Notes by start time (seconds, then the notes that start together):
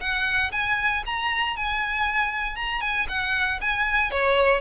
0.00 F#5
0.52 G#5
1.06 A#5
1.56 G#5
2.55 A#5
2.80 G#5
3.08 F#5
3.61 G#5
4.10 C#5